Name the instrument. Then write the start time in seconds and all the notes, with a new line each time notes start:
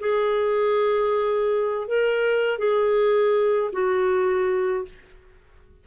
clarinet
0.00 G#4
1.88 A#4
2.58 G#4
3.73 F#4